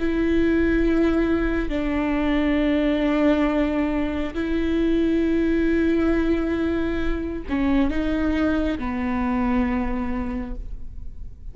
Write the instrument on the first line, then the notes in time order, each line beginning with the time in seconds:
viola
0.00 E4
1.69 D4
4.35 E4
7.49 C#4
7.91 D#4
8.79 B3